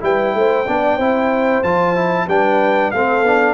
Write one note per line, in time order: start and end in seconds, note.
0.00 0.34 G3
0.00 0.65 E4
0.00 0.36 B4
0.00 1.63 G5
0.34 0.67 A3
0.34 0.67 C5
0.67 0.99 B3
0.67 1.00 D4
0.67 0.97 D5
0.97 1.63 C4
0.97 1.64 E4
0.97 2.26 C5
1.63 2.28 F3
1.63 1.95 F4
1.63 2.28 A5
1.95 2.28 E4
2.28 2.92 G3
2.28 2.94 D4
2.28 2.92 B4
2.28 2.91 G5
2.91 3.22 A3
2.91 3.25 C4
2.91 3.54 A4
2.91 3.54 F5
3.22 3.54 B3
3.22 3.54 D4